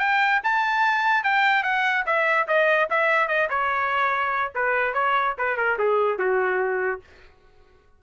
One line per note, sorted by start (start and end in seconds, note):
0.00 0.41 G5
0.44 1.24 A5
1.24 1.64 G5
1.64 2.05 F#5
2.06 2.48 E5
2.48 2.89 D#5
2.90 3.28 E5
3.28 3.49 D#5
3.50 4.53 C#5
4.55 4.94 B4
4.94 5.35 C#5
5.38 5.57 B4
5.57 5.78 A#4
5.79 6.19 G#4
6.19 7.01 F#4